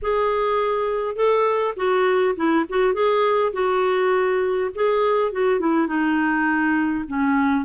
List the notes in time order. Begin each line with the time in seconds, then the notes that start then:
0.02 G#4
1.15 A4
1.76 F#4
2.36 E4
2.69 F#4
2.93 G#4
3.52 F#4
4.74 G#4
5.32 F#4
5.59 E4
5.87 D#4
7.07 C#4